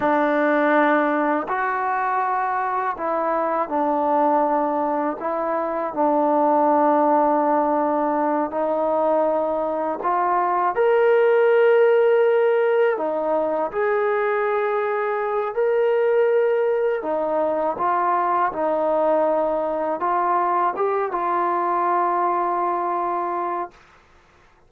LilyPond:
\new Staff \with { instrumentName = "trombone" } { \time 4/4 \tempo 4 = 81 d'2 fis'2 | e'4 d'2 e'4 | d'2.~ d'8 dis'8~ | dis'4. f'4 ais'4.~ |
ais'4. dis'4 gis'4.~ | gis'4 ais'2 dis'4 | f'4 dis'2 f'4 | g'8 f'2.~ f'8 | }